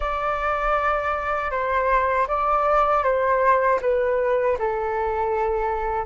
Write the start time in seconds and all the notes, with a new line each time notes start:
0.00 D5
1.50 C5
2.27 D5
3.03 C5
3.81 B4
4.58 A4